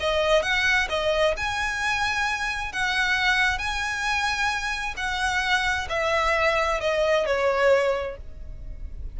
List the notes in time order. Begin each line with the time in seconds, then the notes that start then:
0.00 D#5
0.42 F#5
0.89 D#5
1.37 G#5
2.72 F#5
3.58 G#5
4.96 F#5
5.89 E5
6.80 D#5
7.26 C#5